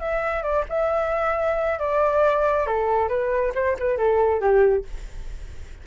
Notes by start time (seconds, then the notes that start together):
0.00 E5
0.43 D5
0.69 E5
1.79 D5
2.67 A4
3.09 B4
3.55 C5
3.79 B4
3.98 A4
4.41 G4